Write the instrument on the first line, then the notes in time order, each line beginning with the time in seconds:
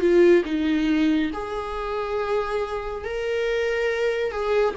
viola
0.00 F4
0.44 D#4
1.33 G#4
3.04 A#4
4.31 G#4